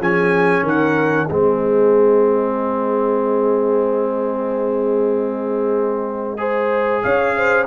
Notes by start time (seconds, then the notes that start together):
0.00 F3 C#4 G#4 G#5
0.62 D#3 A#4 F#5
1.28 G#3 C4 G#4 D#5
6.37 G#4 C5
7.02 C#4 C#5 F5
7.36 C5